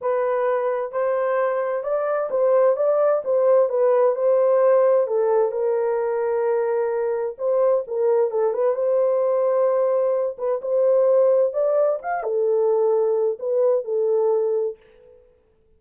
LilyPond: \new Staff \with { instrumentName = "horn" } { \time 4/4 \tempo 4 = 130 b'2 c''2 | d''4 c''4 d''4 c''4 | b'4 c''2 a'4 | ais'1 |
c''4 ais'4 a'8 b'8 c''4~ | c''2~ c''8 b'8 c''4~ | c''4 d''4 f''8 a'4.~ | a'4 b'4 a'2 | }